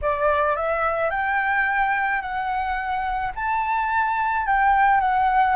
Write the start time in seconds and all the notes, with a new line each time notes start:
0.01 D5
0.56 E5
1.10 G5
2.21 F#5
3.35 A5
4.46 G5
5.00 F#5